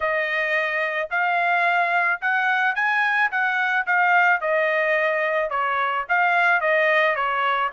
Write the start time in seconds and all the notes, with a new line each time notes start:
0.00 D#5
1.10 F5
2.21 F#5
2.75 G#5
3.31 F#5
3.86 F5
4.40 D#5
5.50 C#5
6.08 F5
6.61 D#5
7.15 C#5